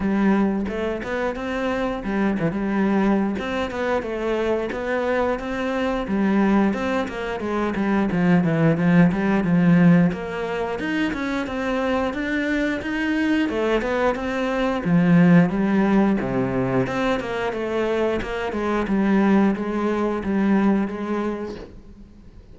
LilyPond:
\new Staff \with { instrumentName = "cello" } { \time 4/4 \tempo 4 = 89 g4 a8 b8 c'4 g8 e16 g16~ | g4 c'8 b8 a4 b4 | c'4 g4 c'8 ais8 gis8 g8 | f8 e8 f8 g8 f4 ais4 |
dis'8 cis'8 c'4 d'4 dis'4 | a8 b8 c'4 f4 g4 | c4 c'8 ais8 a4 ais8 gis8 | g4 gis4 g4 gis4 | }